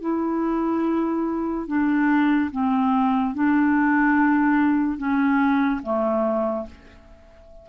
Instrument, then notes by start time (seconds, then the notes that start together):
clarinet
0.00 E4
1.67 D4
2.51 C4
3.34 D4
4.97 C#4
5.83 A3